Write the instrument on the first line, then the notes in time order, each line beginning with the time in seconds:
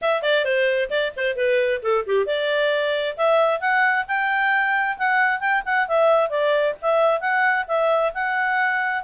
clarinet
0.01 E5
0.22 D5
0.44 C5
0.90 D5
1.16 C5
1.36 B4
1.82 A4
2.06 G4
2.26 D5
3.17 E5
3.60 F#5
4.07 G5
4.97 F#5
5.40 G5
5.65 F#5
5.88 E5
6.29 D5
6.81 E5
7.20 F#5
7.67 E5
8.13 F#5